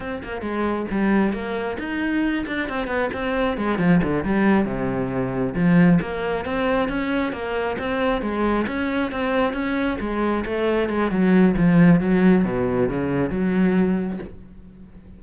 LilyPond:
\new Staff \with { instrumentName = "cello" } { \time 4/4 \tempo 4 = 135 c'8 ais8 gis4 g4 ais4 | dis'4. d'8 c'8 b8 c'4 | gis8 f8 d8 g4 c4.~ | c8 f4 ais4 c'4 cis'8~ |
cis'8 ais4 c'4 gis4 cis'8~ | cis'8 c'4 cis'4 gis4 a8~ | a8 gis8 fis4 f4 fis4 | b,4 cis4 fis2 | }